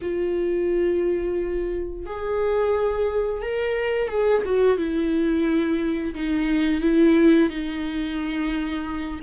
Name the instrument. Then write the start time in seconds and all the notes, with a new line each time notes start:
viola
0.01 F4
2.06 G#4
3.42 A#4
4.08 G#4
4.45 F#4
4.77 E4
6.14 D#4
6.81 E4
7.49 D#4